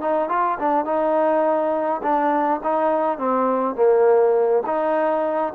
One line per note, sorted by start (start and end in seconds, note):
0.00 0.29 D#4
0.29 0.58 F4
0.59 0.85 D4
0.85 2.01 D#4
2.02 2.60 D4
2.63 3.18 D#4
3.18 3.75 C4
3.75 4.63 A#3
4.66 5.53 D#4